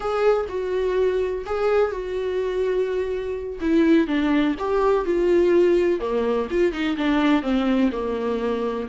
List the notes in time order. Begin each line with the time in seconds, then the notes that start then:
0.00 G#4
0.48 F#4
1.45 G#4
1.91 F#4
3.60 E4
4.07 D4
4.58 G4
5.05 F4
6.00 A#3
6.50 F4
6.72 D#4
6.97 D4
7.42 C4
7.92 A#3